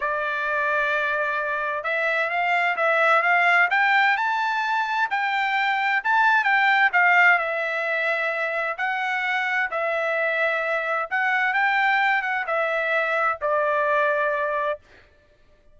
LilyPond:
\new Staff \with { instrumentName = "trumpet" } { \time 4/4 \tempo 4 = 130 d''1 | e''4 f''4 e''4 f''4 | g''4 a''2 g''4~ | g''4 a''4 g''4 f''4 |
e''2. fis''4~ | fis''4 e''2. | fis''4 g''4. fis''8 e''4~ | e''4 d''2. | }